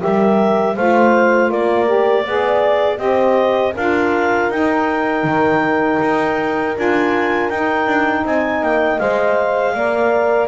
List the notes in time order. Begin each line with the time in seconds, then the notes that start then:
0.00 G3 G4 A#4 E5
0.76 A3 F4 C5 F5
1.51 A#3 A#4 D5
1.86 G4
2.23 B3 G#4 D5
2.97 C4 G4 C5 D#5
3.75 D4 F4 A#4 F5
4.50 D#4 G5
5.24 D#3
6.02 D#4
6.76 D4 F4 G#5
7.50 D#4 G5
7.87 D4
8.25 C4 D#5 G#5
8.62 A#3 G5
8.99 G#3 C5 F5
9.74 A#3 A#4 D5